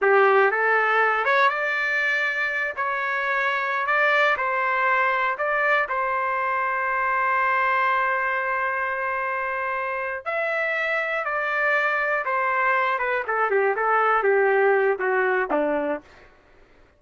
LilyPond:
\new Staff \with { instrumentName = "trumpet" } { \time 4/4 \tempo 4 = 120 g'4 a'4. cis''8 d''4~ | d''4. cis''2~ cis''16 d''16~ | d''8. c''2 d''4 c''16~ | c''1~ |
c''1~ | c''8 e''2 d''4.~ | d''8 c''4. b'8 a'8 g'8 a'8~ | a'8 g'4. fis'4 d'4 | }